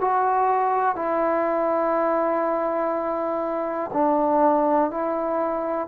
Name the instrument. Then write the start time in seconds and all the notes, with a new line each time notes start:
trombone
0.00 F#4
0.95 E4
3.93 D4
4.90 E4